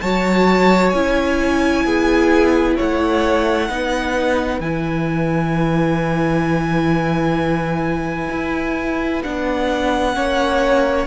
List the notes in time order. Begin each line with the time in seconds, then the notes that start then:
0.00 F#3 F#4 C#5 A5
0.89 C#4 E4 G#5
1.84 B3 G#4
2.76 A3 C#5 F#5
3.68 B3 D#4 B4
4.60 E3 E4 G#5
8.30 E4
9.23 B3 D4 F#5
10.13 A#3 C#4 C#5